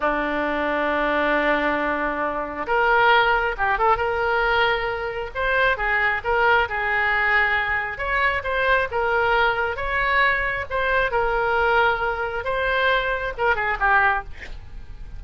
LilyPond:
\new Staff \with { instrumentName = "oboe" } { \time 4/4 \tempo 4 = 135 d'1~ | d'2 ais'2 | g'8 a'8 ais'2. | c''4 gis'4 ais'4 gis'4~ |
gis'2 cis''4 c''4 | ais'2 cis''2 | c''4 ais'2. | c''2 ais'8 gis'8 g'4 | }